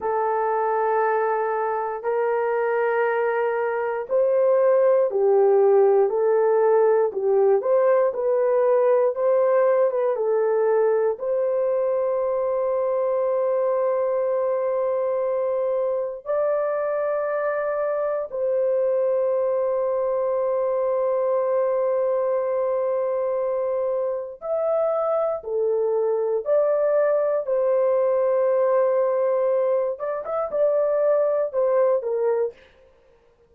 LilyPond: \new Staff \with { instrumentName = "horn" } { \time 4/4 \tempo 4 = 59 a'2 ais'2 | c''4 g'4 a'4 g'8 c''8 | b'4 c''8. b'16 a'4 c''4~ | c''1 |
d''2 c''2~ | c''1 | e''4 a'4 d''4 c''4~ | c''4. d''16 e''16 d''4 c''8 ais'8 | }